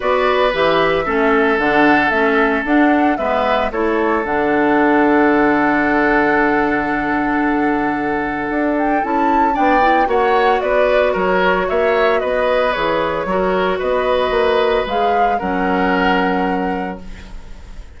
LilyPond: <<
  \new Staff \with { instrumentName = "flute" } { \time 4/4 \tempo 4 = 113 d''4 e''2 fis''4 | e''4 fis''4 e''4 cis''4 | fis''1~ | fis''1~ |
fis''8 g''8 a''4 g''4 fis''4 | d''4 cis''4 e''4 dis''4 | cis''2 dis''2 | f''4 fis''2. | }
  \new Staff \with { instrumentName = "oboe" } { \time 4/4 b'2 a'2~ | a'2 b'4 a'4~ | a'1~ | a'1~ |
a'2 d''4 cis''4 | b'4 ais'4 cis''4 b'4~ | b'4 ais'4 b'2~ | b'4 ais'2. | }
  \new Staff \with { instrumentName = "clarinet" } { \time 4/4 fis'4 g'4 cis'4 d'4 | cis'4 d'4 b4 e'4 | d'1~ | d'1~ |
d'4 e'4 d'8 e'8 fis'4~ | fis'1 | gis'4 fis'2. | gis'4 cis'2. | }
  \new Staff \with { instrumentName = "bassoon" } { \time 4/4 b4 e4 a4 d4 | a4 d'4 gis4 a4 | d1~ | d1 |
d'4 cis'4 b4 ais4 | b4 fis4 ais4 b4 | e4 fis4 b4 ais4 | gis4 fis2. | }
>>